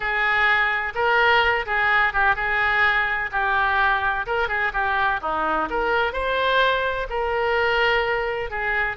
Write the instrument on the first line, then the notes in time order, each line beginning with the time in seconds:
oboe
0.00 G#4
0.94 A#4
1.66 G#4
2.13 G4
2.35 G#4
3.31 G4
4.26 A#4
4.48 G#4
4.73 G4
5.21 D#4
5.70 A#4
6.12 C5
7.09 A#4
8.50 G#4